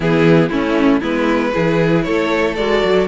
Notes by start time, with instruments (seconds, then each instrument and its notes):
0.00 cello E3, viola B3, violin E4 G#4
0.49 cello A3, viola C#4, violin C#4 E4
1.00 cello G#3, viola B3, violin E4 B4
1.53 cello E3, viola E4, violin G#4
2.03 cello A3, violin A4 C#5
2.55 cello G#3, viola F#4, violin D5
2.84 cello F#3